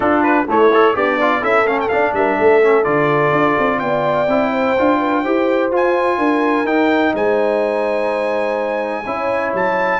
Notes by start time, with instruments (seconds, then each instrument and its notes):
0.00 trombone D4, tuba D4, horn F4, trumpet A4
0.23 trumpet B4
0.47 trombone A3, tuba A3, horn E4, trumpet C#5
0.73 trombone A4
0.94 tuba B3, horn D4, trombone G4, trumpet D5
1.20 trombone F4
1.40 tuba C#4, trombone E4, horn A4, trumpet E5
1.65 tuba A3, trombone C#4, trumpet F5
1.80 trumpet G5
1.88 trombone D4, tuba D4, trumpet F5
2.12 tuba G3, horn A#4, trumpet E5
2.36 tuba A3, horn A4
2.62 trombone C#4
2.83 tuba D3, trombone F4, trumpet D5
3.32 tuba D4
3.58 tuba C4
3.79 tuba B3, horn D5, trumpet G5
4.27 tuba C4, trombone E4
4.50 horn C5
4.78 tuba D4, trombone F4
4.98 horn B4
5.23 tuba E4, trombone G4, horn C5
5.71 tuba F4, trombone F4, trumpet G#5
6.17 tuba D4, horn A#4
6.64 tuba D#4, trombone D#4, trumpet G5
7.14 tuba G#3, horn C5, trumpet G#5
9.05 tuba C#4, trombone E4, horn C#5
9.53 tuba F#3, trumpet A5